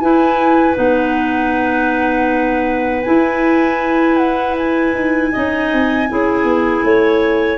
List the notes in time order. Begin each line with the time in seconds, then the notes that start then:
0.00 E4 B4 G#5
0.75 B3 D#4 F#5
3.03 E4 G#5
4.18 F#5
4.58 G#5
4.94 D#4
5.32 C#4 D#4 D#5
5.73 C4
6.09 C#4 E4 G#4
6.44 B3
6.84 A3 C#5